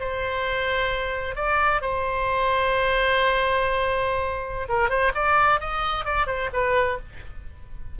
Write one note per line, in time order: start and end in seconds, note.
0.00 1.36 C5
1.36 1.82 D5
1.82 4.68 C5
4.69 4.90 A#4
4.90 5.13 C5
5.15 5.61 D5
5.61 6.05 D#5
6.05 6.27 D5
6.27 6.50 C5
6.53 6.99 B4